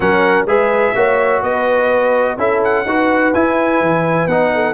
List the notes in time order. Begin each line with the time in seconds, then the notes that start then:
0.00 F#3 C#4 A#4 F#5
0.45 G#3 G#4 B4 E5
0.95 A#3 F#4 C#5
1.42 B3 B4 D#5
2.37 C#4 E4 A4 E5
2.64 F#5
2.85 D#4 F#4 B4
3.34 E4 G#5
3.81 E3
4.26 B3 D#4 F#5
4.54 A4